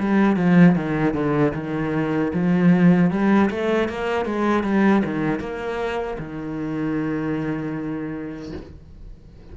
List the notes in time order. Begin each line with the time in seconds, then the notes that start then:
0.00 G3
0.36 F3
0.76 D#3
1.14 D3
1.54 D#3
2.33 F3
3.11 G3
3.50 A3
3.89 A#3
4.25 G#3
4.64 G3
5.05 D#3
5.40 A#3
6.19 D#3